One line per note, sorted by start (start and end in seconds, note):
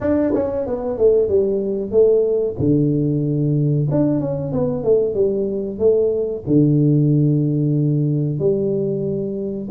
0.01 0.33 D4
0.34 0.66 C#4
0.66 0.98 B3
0.98 1.28 A3
1.28 1.91 G3
1.91 2.55 A3
2.59 3.88 D3
3.90 4.20 D4
4.20 4.52 C#4
4.52 4.83 B3
4.83 5.14 A3
5.14 5.78 G3
5.79 6.43 A3
6.46 8.39 D3
8.39 9.68 G3